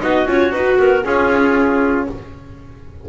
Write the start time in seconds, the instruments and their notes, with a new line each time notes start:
0.00 double bass B3, viola D#4, trumpet F#4, clarinet D#5
0.26 double bass C#4, viola F4, clarinet C#5
0.52 double bass D#4, viola F#4, clarinet B4
0.78 double bass B3, clarinet A#4
1.04 viola C#4, double bass C#4, trumpet F4, clarinet G#4